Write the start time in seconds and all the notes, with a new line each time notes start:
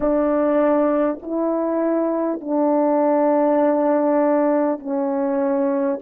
0.00 D4
1.22 E4
2.40 D4
4.79 C#4